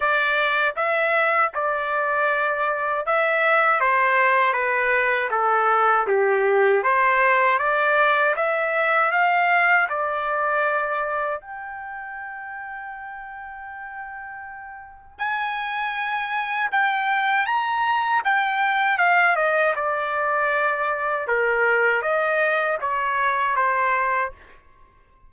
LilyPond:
\new Staff \with { instrumentName = "trumpet" } { \time 4/4 \tempo 4 = 79 d''4 e''4 d''2 | e''4 c''4 b'4 a'4 | g'4 c''4 d''4 e''4 | f''4 d''2 g''4~ |
g''1 | gis''2 g''4 ais''4 | g''4 f''8 dis''8 d''2 | ais'4 dis''4 cis''4 c''4 | }